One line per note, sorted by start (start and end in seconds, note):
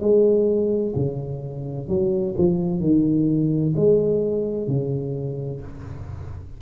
0.00 0.94 G#3
0.95 1.88 C#3
1.88 2.35 F#3
2.38 2.80 F3
2.80 3.74 D#3
3.76 4.67 G#3
4.67 5.61 C#3